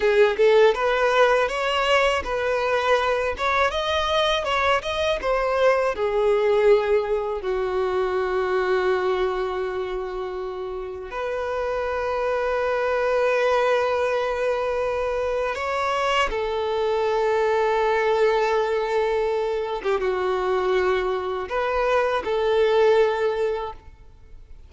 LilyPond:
\new Staff \with { instrumentName = "violin" } { \time 4/4 \tempo 4 = 81 gis'8 a'8 b'4 cis''4 b'4~ | b'8 cis''8 dis''4 cis''8 dis''8 c''4 | gis'2 fis'2~ | fis'2. b'4~ |
b'1~ | b'4 cis''4 a'2~ | a'2~ a'8. g'16 fis'4~ | fis'4 b'4 a'2 | }